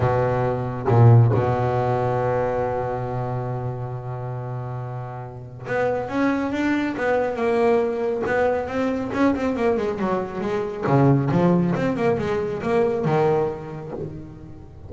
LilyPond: \new Staff \with { instrumentName = "double bass" } { \time 4/4 \tempo 4 = 138 b,2 ais,4 b,4~ | b,1~ | b,1~ | b,4 b4 cis'4 d'4 |
b4 ais2 b4 | c'4 cis'8 c'8 ais8 gis8 fis4 | gis4 cis4 f4 c'8 ais8 | gis4 ais4 dis2 | }